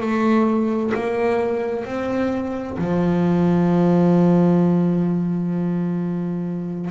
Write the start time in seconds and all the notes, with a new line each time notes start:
0.00 A3
0.94 A#3
1.85 C4
2.78 F3